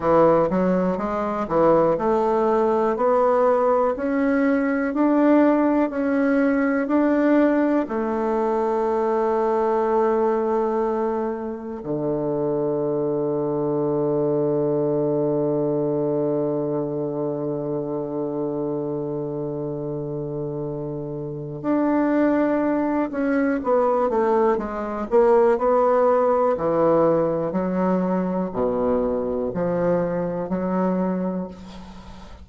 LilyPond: \new Staff \with { instrumentName = "bassoon" } { \time 4/4 \tempo 4 = 61 e8 fis8 gis8 e8 a4 b4 | cis'4 d'4 cis'4 d'4 | a1 | d1~ |
d1~ | d2 d'4. cis'8 | b8 a8 gis8 ais8 b4 e4 | fis4 b,4 f4 fis4 | }